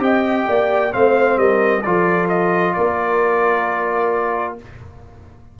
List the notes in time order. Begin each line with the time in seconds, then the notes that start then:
0.00 C4 G4 D#5 G5
0.49 A#3 D5
0.91 A3 C4 C5 F5
1.37 G3 A#4 D#5
1.82 F3 F4 A4 D5
2.29 D#5
2.74 A#3 A#4 D5